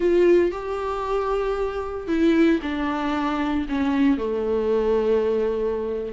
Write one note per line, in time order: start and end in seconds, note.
0.00 0.51 F4
0.51 2.07 G4
2.07 2.59 E4
2.62 3.66 D4
3.68 4.17 C#4
4.17 6.13 A3